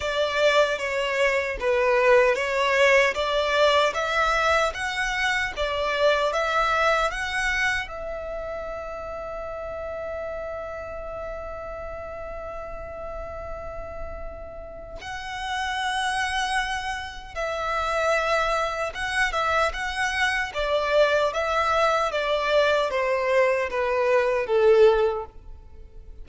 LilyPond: \new Staff \with { instrumentName = "violin" } { \time 4/4 \tempo 4 = 76 d''4 cis''4 b'4 cis''4 | d''4 e''4 fis''4 d''4 | e''4 fis''4 e''2~ | e''1~ |
e''2. fis''4~ | fis''2 e''2 | fis''8 e''8 fis''4 d''4 e''4 | d''4 c''4 b'4 a'4 | }